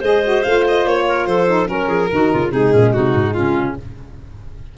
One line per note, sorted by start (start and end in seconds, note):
0.00 0.43 G#3
0.00 0.23 G#4
0.00 1.03 C5
0.00 0.43 D#5
0.23 0.44 F#4
0.43 0.86 A3
0.43 1.47 F4
0.43 0.64 F5
0.68 0.87 D#5
0.86 1.26 A#3
0.86 1.26 C#5
1.08 1.28 A#4
1.26 1.68 F3
1.26 1.69 A4
1.26 1.68 C5
1.47 1.66 D#4
1.66 1.88 F#3
1.66 2.08 C#4
1.66 2.51 A#4
1.66 1.88 A#4
1.88 2.09 F3
1.88 2.09 G#4
2.11 2.32 D#3
2.11 2.49 D#4
2.11 2.32 F#4
2.32 2.51 C#3
2.32 2.52 F4
2.49 2.72 C3
2.49 3.73 G#3
2.49 2.72 D#4
2.49 2.93 G#4
2.72 2.94 A#2
2.72 2.93 C#4
2.93 3.14 C3
2.93 3.36 D#4
2.93 3.34 F#4
3.14 3.35 G#2
3.34 3.78 C#3
3.34 3.77 C#4
3.34 3.75 F4